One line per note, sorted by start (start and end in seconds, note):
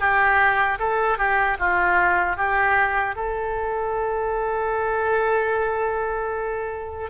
0.00 0.79 G4
0.80 1.18 A4
1.18 1.58 G4
1.59 2.37 F4
2.37 3.16 G4
3.16 7.11 A4